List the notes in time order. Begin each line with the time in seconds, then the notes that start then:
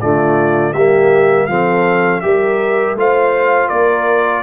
0.00 D3 A3 F4 D5
0.73 G3 A#3 G4 E5
1.46 F3 C4 A4 F5
2.21 G3 G4 A#4 E5
2.94 A3 F4 C5 F5
3.68 A#3 A#4 D5